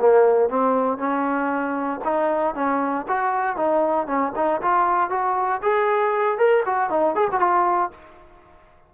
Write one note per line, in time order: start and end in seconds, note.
0.00 0.50 A#3
0.50 0.98 C4
0.98 2.01 C#4
2.05 2.55 D#4
2.55 3.07 C#4
3.08 3.57 F#4
3.57 4.07 D#4
4.07 4.33 C#4
4.36 4.62 D#4
4.62 5.10 F4
5.10 5.62 F#4
5.63 6.39 G#4
6.39 6.64 A#4
6.66 6.90 F#4
6.90 7.16 D#4
7.16 7.29 G#4
7.32 7.40 F#4
7.40 7.91 F4